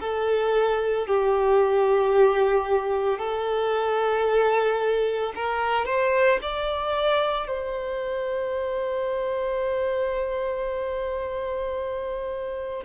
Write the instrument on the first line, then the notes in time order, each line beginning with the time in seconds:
violin
0.00 A4
1.07 G4
3.19 A4
5.35 A#4
5.85 C5
6.41 D5
7.48 C5